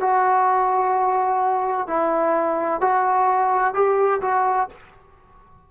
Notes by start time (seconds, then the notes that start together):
0.00 F#4
1.87 E4
2.81 F#4
3.74 G4
4.21 F#4